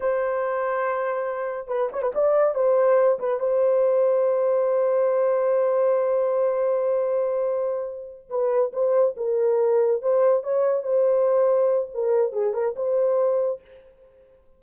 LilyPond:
\new Staff \with { instrumentName = "horn" } { \time 4/4 \tempo 4 = 141 c''1 | b'8 cis''16 b'16 d''4 c''4. b'8 | c''1~ | c''1~ |
c''2.~ c''8 b'8~ | b'8 c''4 ais'2 c''8~ | c''8 cis''4 c''2~ c''8 | ais'4 gis'8 ais'8 c''2 | }